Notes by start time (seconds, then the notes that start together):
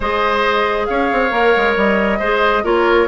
0.00 G#3 G#4 C5 D#5
0.85 C#4 C#5 F5
1.12 C4
1.30 A#3 A#4
1.56 G#3
1.76 G3 D#5
2.18 G#3 G#4 C5
2.63 A#3 F4 A#4 C#5